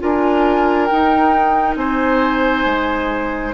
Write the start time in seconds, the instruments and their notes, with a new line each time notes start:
0.00 bassoon D4, clarinet F4, oboe A#4, flute G#5
0.86 clarinet D#4, bassoon D#4, flute G5
1.76 bassoon C4, oboe C5, flute G#5
2.65 bassoon G#3